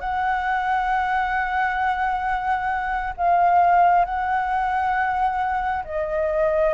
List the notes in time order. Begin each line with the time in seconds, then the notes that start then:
0.00 F#5
3.17 F5
4.05 F#5
5.85 D#5